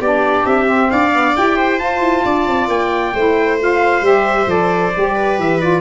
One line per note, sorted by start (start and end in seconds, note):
0.00 0.45 B3
0.00 0.65 D4
0.00 0.90 G4
0.00 0.46 D5
0.45 0.90 C4
0.45 0.90 E5
0.65 1.09 C4
0.91 1.36 D4
0.91 1.56 D5
0.91 1.35 F5
1.12 1.34 B3
1.36 1.80 E4
1.36 1.78 G4
1.36 1.79 G5
1.56 2.23 C5
1.78 3.13 F4
1.78 2.00 F4
1.78 2.69 A5
2.00 2.23 E4
2.25 2.47 D4
2.25 3.14 D5
2.47 2.68 C4
2.68 3.13 A#3
2.68 3.59 G5
3.14 4.01 A3
3.14 3.59 E4
3.14 5.15 C5
3.59 4.02 F4
3.59 4.05 F5
4.01 4.46 G3
4.01 4.47 G4
4.01 4.50 E5
4.47 4.91 F3
4.47 4.92 A4
4.47 5.39 D5
4.97 5.38 G3
4.97 5.60 G4
5.15 5.81 B4
5.38 5.81 E3
5.38 5.61 E5
5.60 5.81 F4
5.60 5.81 D5